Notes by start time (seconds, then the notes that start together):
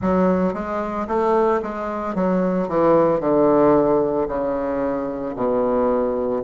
0.01 F#3
0.53 G#3
1.07 A3
1.62 G#3
2.14 F#3
2.68 E3
3.20 D3
4.28 C#3
5.35 B2